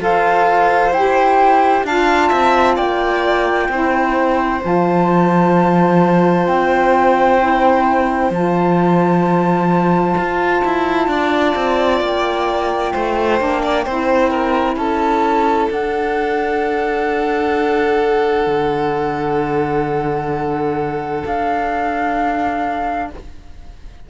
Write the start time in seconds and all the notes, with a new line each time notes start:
0.00 F4 A4 C5 F5
0.91 E4 G4 G5
1.84 D4 F4 F5 A5
2.29 C4 E5
2.76 A#3 D5 G5
3.69 C4 E4 C5
4.62 F3 F4 A5
6.47 C4 G5
7.39 E4
8.30 F3 F4 A5
10.17 F4
10.65 E4
11.08 D4 D5
11.56 C4
12.01 A#3 G5
12.93 A3 C5
13.39 A#3 D4
13.63 D5
13.85 C4 E4 C5
14.30 A#4
14.76 C#4 A4 A5
15.70 D4 F#5
18.47 D3
21.26 D4 F5